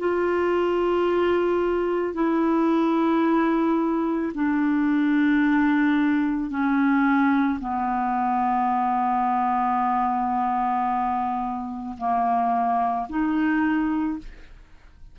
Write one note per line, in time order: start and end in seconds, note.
0.00 2.15 F4
2.15 4.33 E4
4.35 6.51 D4
6.51 7.60 C#4
7.61 11.97 B3
11.98 13.07 A#3
13.10 14.19 D#4